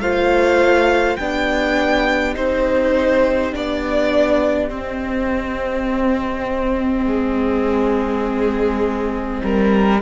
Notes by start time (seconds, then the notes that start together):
0.00 A3 F4 C5 F5
1.17 B3 D4 G4 G5
2.35 C4 D#4 C5
3.52 B3 D4 D5
4.69 C4 D#5
7.07 G#3 G#4
9.44 G3 A#4